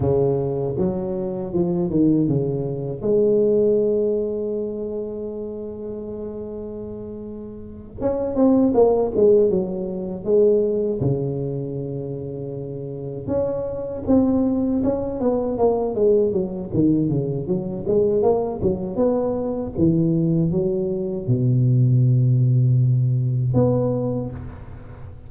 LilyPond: \new Staff \with { instrumentName = "tuba" } { \time 4/4 \tempo 4 = 79 cis4 fis4 f8 dis8 cis4 | gis1~ | gis2~ gis8 cis'8 c'8 ais8 | gis8 fis4 gis4 cis4.~ |
cis4. cis'4 c'4 cis'8 | b8 ais8 gis8 fis8 dis8 cis8 fis8 gis8 | ais8 fis8 b4 e4 fis4 | b,2. b4 | }